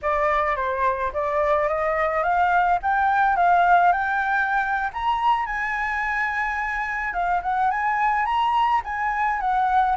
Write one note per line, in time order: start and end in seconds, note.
0.02 0.56 D5
0.56 1.12 C5
1.13 1.68 D5
1.68 2.23 D#5
2.23 2.79 F5
2.82 3.36 G5
3.36 3.92 F5
3.92 4.90 G5
4.93 5.45 A#5
5.45 7.13 G#5
7.13 7.41 F5
7.42 7.70 F#5
7.70 8.25 G#5
8.25 8.81 A#5
8.84 9.40 G#5
9.40 9.96 F#5